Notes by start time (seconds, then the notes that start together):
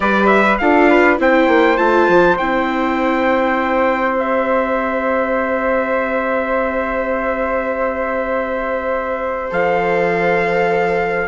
0.00 G3 G4 B4 D5
0.26 E5
0.58 D4 F4 A4 F5
0.89 B4
1.17 C4 E4 C5 G5
1.48 A#3
1.77 A3 F4 A5
2.08 F3
2.37 C4 E4 G5
4.17 G4 E5
9.50 F3 A4 F5